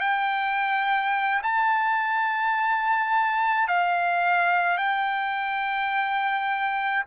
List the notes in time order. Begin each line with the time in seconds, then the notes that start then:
0.00 G5
1.43 A5
3.67 F5
4.77 G5